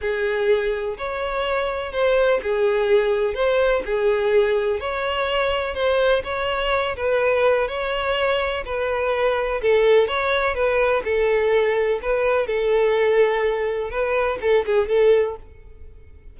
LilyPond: \new Staff \with { instrumentName = "violin" } { \time 4/4 \tempo 4 = 125 gis'2 cis''2 | c''4 gis'2 c''4 | gis'2 cis''2 | c''4 cis''4. b'4. |
cis''2 b'2 | a'4 cis''4 b'4 a'4~ | a'4 b'4 a'2~ | a'4 b'4 a'8 gis'8 a'4 | }